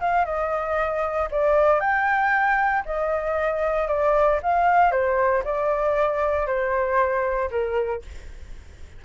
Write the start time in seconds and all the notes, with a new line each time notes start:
0.00 F5
0.25 D#5
1.31 D5
1.80 G5
2.85 D#5
3.88 D5
4.42 F5
4.91 C5
5.44 D5
6.46 C5
7.50 A#4